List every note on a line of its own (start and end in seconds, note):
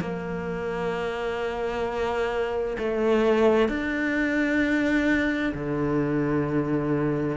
0.00 2.77 A#3
2.78 3.68 A3
3.68 5.53 D4
5.54 7.37 D3